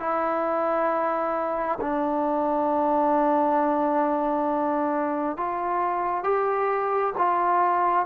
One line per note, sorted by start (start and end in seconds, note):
0.00 1.79 E4
1.81 5.37 D4
5.37 6.24 F4
6.24 7.14 G4
7.18 8.06 F4